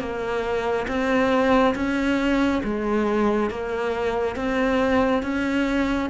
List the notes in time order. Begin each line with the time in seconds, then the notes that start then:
0.00 A#3
0.88 C4
1.75 C#4
2.64 G#3
3.51 A#3
4.36 C4
5.23 C#4